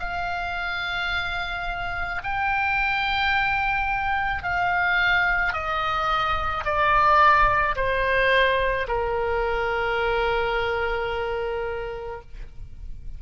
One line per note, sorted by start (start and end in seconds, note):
0.00 2.22 F5
2.24 4.43 G5
4.43 5.53 F5
5.53 6.64 D#5
6.65 7.76 D5
7.76 8.87 C5
8.88 12.21 A#4